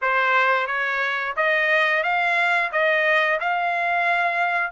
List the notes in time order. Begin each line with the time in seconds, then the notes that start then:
0.01 C5
0.66 C#5
1.36 D#5
2.03 F5
2.72 D#5
3.40 F5